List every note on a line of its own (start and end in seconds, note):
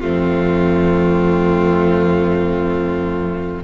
0.00 3.63 F2
0.00 3.63 A3
0.00 3.63 C4
0.00 3.61 F4